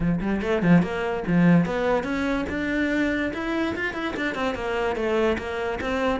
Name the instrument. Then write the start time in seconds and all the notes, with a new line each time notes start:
cello
0.00 F3
0.21 G3
0.41 A3
0.62 F3
0.82 A#3
1.27 F3
1.65 B3
2.03 C#4
2.49 D4
3.33 E4
3.75 F4
3.93 E4
4.16 D4
4.34 C4
4.54 A#3
4.96 A3
5.38 A#3
5.80 C4